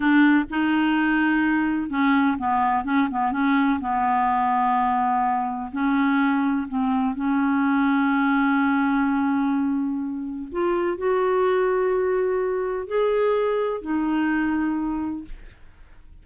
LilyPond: \new Staff \with { instrumentName = "clarinet" } { \time 4/4 \tempo 4 = 126 d'4 dis'2. | cis'4 b4 cis'8 b8 cis'4 | b1 | cis'2 c'4 cis'4~ |
cis'1~ | cis'2 f'4 fis'4~ | fis'2. gis'4~ | gis'4 dis'2. | }